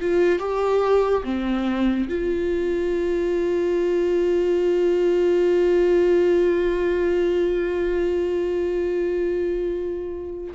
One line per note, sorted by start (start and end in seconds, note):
0.00 0.38 F4
0.38 1.23 G4
1.23 2.08 C4
2.08 10.53 F4